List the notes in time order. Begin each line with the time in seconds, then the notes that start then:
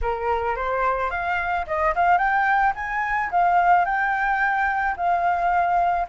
0.01 A#4
0.56 C5
1.10 F5
1.66 D#5
1.95 F5
2.18 G5
2.75 G#5
3.31 F5
3.85 G5
4.97 F5